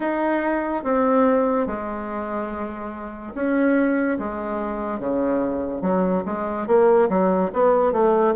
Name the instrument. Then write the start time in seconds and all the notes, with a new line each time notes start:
bassoon
0.00 D#4
0.83 C4
1.66 G#3
3.34 C#4
4.18 G#3
4.99 C#3
5.81 F#3
6.25 G#3
6.67 A#3
7.09 F#3
7.53 B3
7.92 A3